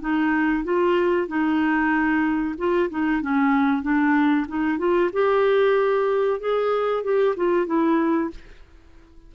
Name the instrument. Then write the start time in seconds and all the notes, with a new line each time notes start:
clarinet
0.00 D#4
0.64 F4
1.27 D#4
2.58 F4
2.90 D#4
3.21 C#4
3.82 D4
4.48 D#4
4.78 F4
5.13 G4
6.39 G#4
7.03 G4
7.36 F4
7.66 E4